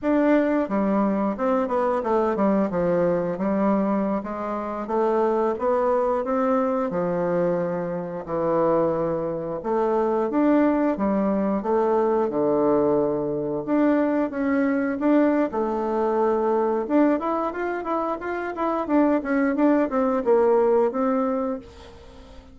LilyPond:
\new Staff \with { instrumentName = "bassoon" } { \time 4/4 \tempo 4 = 89 d'4 g4 c'8 b8 a8 g8 | f4 g4~ g16 gis4 a8.~ | a16 b4 c'4 f4.~ f16~ | f16 e2 a4 d'8.~ |
d'16 g4 a4 d4.~ d16~ | d16 d'4 cis'4 d'8. a4~ | a4 d'8 e'8 f'8 e'8 f'8 e'8 | d'8 cis'8 d'8 c'8 ais4 c'4 | }